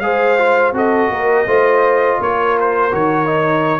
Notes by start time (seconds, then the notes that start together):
0.00 G#3 G#4 C5 F5
0.38 F4
0.72 C4 F#4 A4 D#5
1.10 A#3 A#4
1.47 A3 F4 C5
2.20 A#3 A#4 C#5
2.60 C5
2.91 D#3 F#4 C#5
3.26 D#4